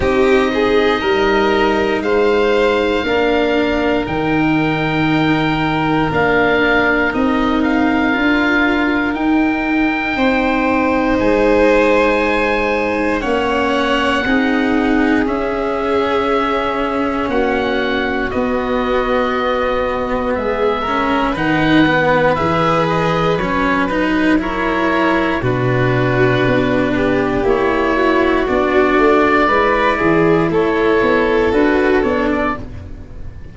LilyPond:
<<
  \new Staff \with { instrumentName = "oboe" } { \time 4/4 \tempo 4 = 59 dis''2 f''2 | g''2 f''4 dis''8 f''8~ | f''4 g''2 gis''4~ | gis''4 fis''2 e''4~ |
e''4 fis''4 dis''2 | e''4 fis''4 e''8 dis''8 cis''8 b'8 | cis''4 b'2 cis''4 | d''2 cis''4 b'8 cis''16 d''16 | }
  \new Staff \with { instrumentName = "violin" } { \time 4/4 g'8 gis'8 ais'4 c''4 ais'4~ | ais'1~ | ais'2 c''2~ | c''4 cis''4 gis'2~ |
gis'4 fis'2. | gis'8 ais'8 b'2. | ais'4 fis'4. g'4 fis'8~ | fis'4 b'8 gis'8 a'2 | }
  \new Staff \with { instrumentName = "cello" } { \time 4/4 dis'2. d'4 | dis'2 d'4 dis'4 | f'4 dis'2.~ | dis'4 cis'4 dis'4 cis'4~ |
cis'2 b2~ | b8 cis'8 dis'8 b8 gis'4 cis'8 dis'8 | e'4 d'2 e'4 | d'4 e'2 fis'8 d'8 | }
  \new Staff \with { instrumentName = "tuba" } { \time 4/4 c'4 g4 gis4 ais4 | dis2 ais4 c'4 | d'4 dis'4 c'4 gis4~ | gis4 ais4 c'4 cis'4~ |
cis'4 ais4 b2 | gis4 dis4 e4 fis4~ | fis4 b,4 b4 ais4 | b8 a8 gis8 e8 a8 b8 d'8 b8 | }
>>